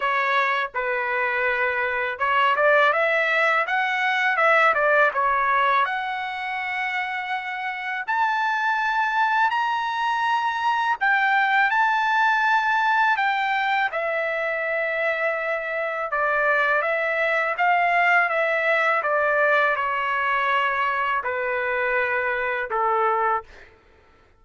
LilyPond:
\new Staff \with { instrumentName = "trumpet" } { \time 4/4 \tempo 4 = 82 cis''4 b'2 cis''8 d''8 | e''4 fis''4 e''8 d''8 cis''4 | fis''2. a''4~ | a''4 ais''2 g''4 |
a''2 g''4 e''4~ | e''2 d''4 e''4 | f''4 e''4 d''4 cis''4~ | cis''4 b'2 a'4 | }